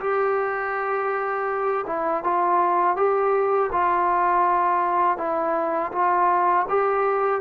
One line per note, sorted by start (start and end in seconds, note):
0.00 1.85 G4
1.87 2.24 E4
2.24 2.97 F4
2.97 3.71 G4
3.72 5.18 F4
5.18 5.92 E4
5.92 6.66 F4
6.69 7.41 G4